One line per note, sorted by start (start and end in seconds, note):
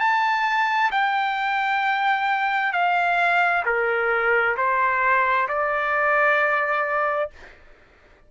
0.00 0.91 A5
0.92 2.72 G5
2.72 3.63 F5
3.65 4.56 A#4
4.57 5.48 C5
5.48 7.30 D5